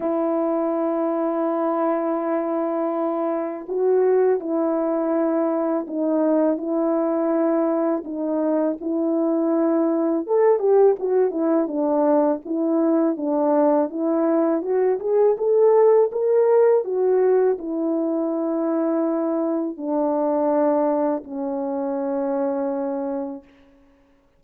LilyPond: \new Staff \with { instrumentName = "horn" } { \time 4/4 \tempo 4 = 82 e'1~ | e'4 fis'4 e'2 | dis'4 e'2 dis'4 | e'2 a'8 g'8 fis'8 e'8 |
d'4 e'4 d'4 e'4 | fis'8 gis'8 a'4 ais'4 fis'4 | e'2. d'4~ | d'4 cis'2. | }